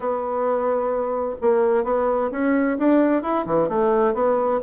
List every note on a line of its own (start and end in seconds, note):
0.00 1.35 B3
1.41 1.84 A#3
1.84 2.30 B3
2.31 2.77 C#4
2.78 3.22 D4
3.22 3.45 E4
3.46 3.69 E3
3.69 4.13 A3
4.13 4.60 B3